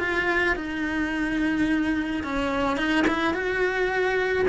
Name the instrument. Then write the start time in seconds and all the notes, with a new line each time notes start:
cello
0.00 F4
0.57 D#4
2.24 C#4
2.78 D#4
3.08 E4
3.34 F#4